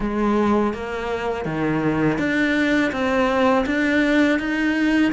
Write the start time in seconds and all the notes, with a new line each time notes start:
0.00 G#3
0.73 A#3
1.45 D#3
2.18 D4
2.91 C4
3.66 D4
4.39 D#4